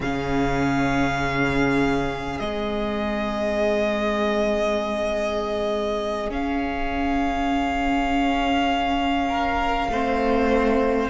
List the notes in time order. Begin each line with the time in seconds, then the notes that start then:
0.00 C#3 C#4 G#4 F5
2.39 G#3 C4 D#5
6.28 C#4 F5
9.28 A#4
9.88 A3 C4 C5